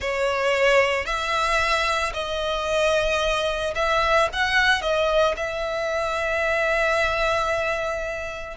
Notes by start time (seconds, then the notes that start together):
0.00 C#5
1.05 E5
2.13 D#5
3.75 E5
4.32 F#5
4.81 D#5
5.36 E5